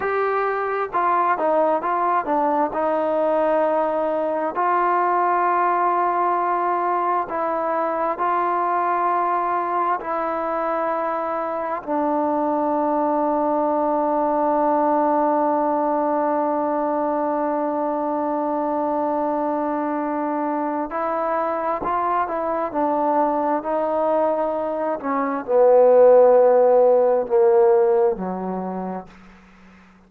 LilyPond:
\new Staff \with { instrumentName = "trombone" } { \time 4/4 \tempo 4 = 66 g'4 f'8 dis'8 f'8 d'8 dis'4~ | dis'4 f'2. | e'4 f'2 e'4~ | e'4 d'2.~ |
d'1~ | d'2. e'4 | f'8 e'8 d'4 dis'4. cis'8 | b2 ais4 fis4 | }